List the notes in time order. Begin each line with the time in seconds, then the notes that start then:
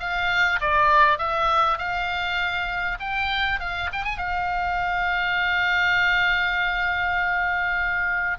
0.00 F5
0.61 D5
1.18 E5
1.78 F5
3.00 G5
3.60 F5
3.93 G5
4.05 G#5
4.18 F5